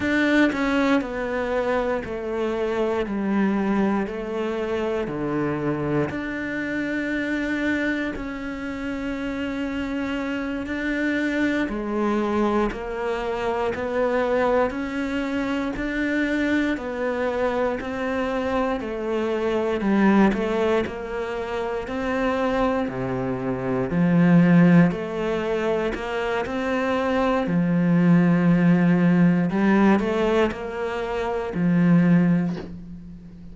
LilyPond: \new Staff \with { instrumentName = "cello" } { \time 4/4 \tempo 4 = 59 d'8 cis'8 b4 a4 g4 | a4 d4 d'2 | cis'2~ cis'8 d'4 gis8~ | gis8 ais4 b4 cis'4 d'8~ |
d'8 b4 c'4 a4 g8 | a8 ais4 c'4 c4 f8~ | f8 a4 ais8 c'4 f4~ | f4 g8 a8 ais4 f4 | }